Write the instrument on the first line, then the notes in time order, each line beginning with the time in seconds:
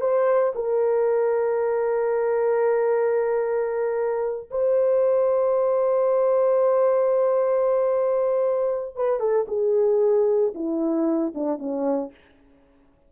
horn
0.00 C5
0.55 A#4
4.50 C5
8.95 B4
9.19 A4
9.48 G#4
10.54 E4
11.34 D4
11.58 C#4